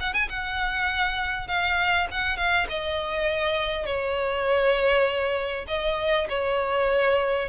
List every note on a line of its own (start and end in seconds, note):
0.00 0.14 F#5
0.14 0.29 G#5
0.29 1.48 F#5
1.48 2.08 F5
2.11 2.37 F#5
2.37 2.67 F5
2.69 3.86 D#5
3.86 5.66 C#5
5.67 6.27 D#5
6.29 7.49 C#5